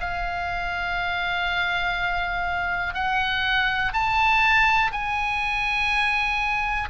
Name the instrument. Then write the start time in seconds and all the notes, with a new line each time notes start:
oboe
0.00 F5
2.94 F#5
3.93 A5
4.91 G#5